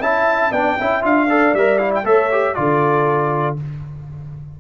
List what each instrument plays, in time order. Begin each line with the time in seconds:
0.00 tuba C#4, trombone E4, horn E5, trumpet A5
0.51 tuba B3, trombone D4, horn D5, trumpet G5
0.78 tuba C#4, trombone E4, horn E5
1.02 tuba D4, trombone F4, trumpet F5
1.29 trombone A4, horn D5
1.53 tuba G3, trombone A#4, trumpet E5
1.78 trombone E4, trumpet F5
1.95 trumpet G5
2.03 tuba A3, trombone A4, horn C#5, trumpet E5
2.31 trombone G4
2.54 tuba D3, trombone F4, horn A4, trumpet D5